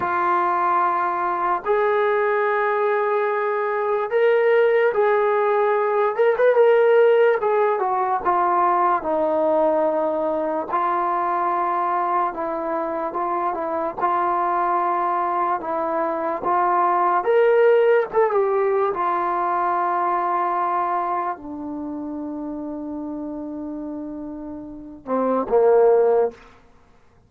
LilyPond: \new Staff \with { instrumentName = "trombone" } { \time 4/4 \tempo 4 = 73 f'2 gis'2~ | gis'4 ais'4 gis'4. ais'16 b'16 | ais'4 gis'8 fis'8 f'4 dis'4~ | dis'4 f'2 e'4 |
f'8 e'8 f'2 e'4 | f'4 ais'4 a'16 g'8. f'4~ | f'2 d'2~ | d'2~ d'8 c'8 ais4 | }